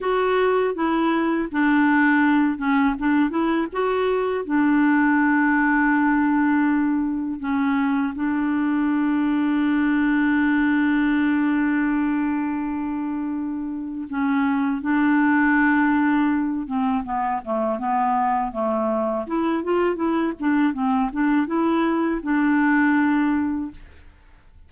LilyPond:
\new Staff \with { instrumentName = "clarinet" } { \time 4/4 \tempo 4 = 81 fis'4 e'4 d'4. cis'8 | d'8 e'8 fis'4 d'2~ | d'2 cis'4 d'4~ | d'1~ |
d'2. cis'4 | d'2~ d'8 c'8 b8 a8 | b4 a4 e'8 f'8 e'8 d'8 | c'8 d'8 e'4 d'2 | }